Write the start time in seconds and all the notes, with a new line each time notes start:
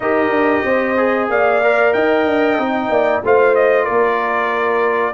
0.00 D#4 G4 A#4 D#5
0.28 D4
0.64 C4 C5
0.97 G#4
1.28 A#3 D5 F5
1.63 A#4
1.93 D#4 D#5 G5
2.26 D4
2.58 C4 D#4
2.89 A#3 D5
3.24 A3 F4 C5 F5
3.55 D#5
3.84 A#3 A#4 D5